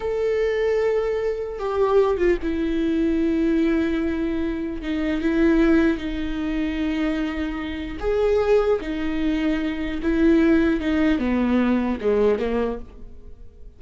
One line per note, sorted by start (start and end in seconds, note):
0.00 1.59 A4
1.59 2.17 G4
2.17 2.37 F4
2.42 4.82 E4
4.82 5.21 D#4
5.21 5.97 E4
5.97 7.97 D#4
7.99 8.79 G#4
8.80 10.00 D#4
10.02 10.80 E4
10.80 11.18 D#4
11.18 11.98 B3
12.00 12.38 G#3
12.38 12.78 A#3